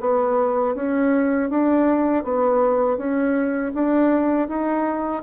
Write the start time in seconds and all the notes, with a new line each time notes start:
0.00 B3
0.75 C#4
1.49 D4
2.23 B3
2.97 C#4
3.74 D4
4.48 D#4